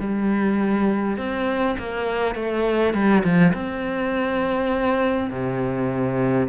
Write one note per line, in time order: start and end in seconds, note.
0.00 1.17 G3
1.17 1.76 C4
1.79 2.35 A#3
2.35 2.94 A3
2.94 3.23 G3
3.24 3.53 F3
3.53 5.30 C4
5.30 6.48 C3